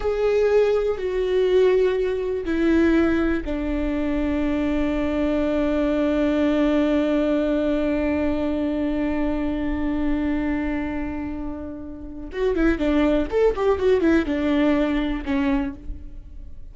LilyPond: \new Staff \with { instrumentName = "viola" } { \time 4/4 \tempo 4 = 122 gis'2 fis'2~ | fis'4 e'2 d'4~ | d'1~ | d'1~ |
d'1~ | d'1~ | d'4 fis'8 e'8 d'4 a'8 g'8 | fis'8 e'8 d'2 cis'4 | }